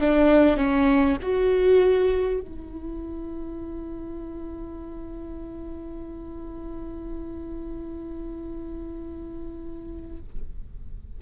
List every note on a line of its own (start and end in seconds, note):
0.00 0.57 D4
0.57 1.17 C#4
1.22 2.40 F#4
2.40 10.20 E4